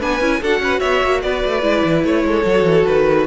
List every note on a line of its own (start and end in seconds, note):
0.00 0.21 B3
0.00 0.21 D4
0.00 0.41 B4
0.00 0.44 G#5
0.21 0.41 C#4
0.21 0.42 E4
0.41 0.60 D4
0.41 1.62 F#4
0.41 0.62 A4
0.41 0.80 F#5
0.60 0.80 C#4
0.60 0.80 B4
0.80 1.03 B3
0.80 1.21 C#5
0.80 1.21 E5
1.04 1.23 A#3
1.22 1.44 B3
1.22 2.26 B4
1.22 2.04 D5
1.45 1.62 A3
1.62 1.83 G#3
1.62 2.44 E4
1.85 2.04 E3
2.04 2.24 A3
2.04 2.86 C#5
2.24 2.45 G#3
2.24 3.27 A4
2.45 2.64 F#3
2.45 3.27 F#4
2.64 2.84 E3
2.86 3.27 D#3
2.86 3.27 B4